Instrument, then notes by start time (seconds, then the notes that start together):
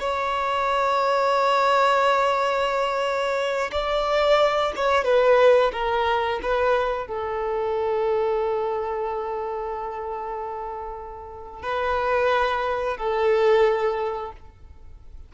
violin
0.00 C#5
3.72 D5
4.76 C#5
5.04 B4
5.73 A#4
6.43 B4
7.08 A4
11.62 B4
12.97 A4